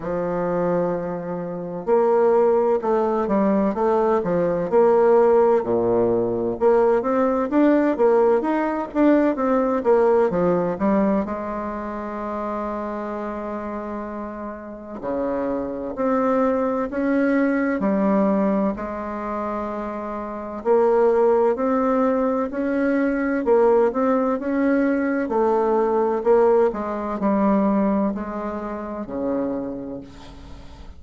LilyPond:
\new Staff \with { instrumentName = "bassoon" } { \time 4/4 \tempo 4 = 64 f2 ais4 a8 g8 | a8 f8 ais4 ais,4 ais8 c'8 | d'8 ais8 dis'8 d'8 c'8 ais8 f8 g8 | gis1 |
cis4 c'4 cis'4 g4 | gis2 ais4 c'4 | cis'4 ais8 c'8 cis'4 a4 | ais8 gis8 g4 gis4 cis4 | }